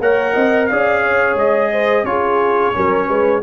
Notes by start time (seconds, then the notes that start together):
0.00 A#3 A#4 C#5 F#5
0.34 C4 D#5
0.67 C#4 G#4 D5 F5
1.02 C#5
1.35 G#3 D#5
1.72 C5
2.04 C#4 F4 G#4 C#5
2.74 F#3 C#4 A#4
3.07 G#3 B4